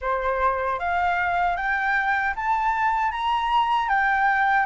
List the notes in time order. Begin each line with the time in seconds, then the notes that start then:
0.01 C5
0.79 F5
1.56 G5
2.36 A5
3.11 A#5
3.89 G5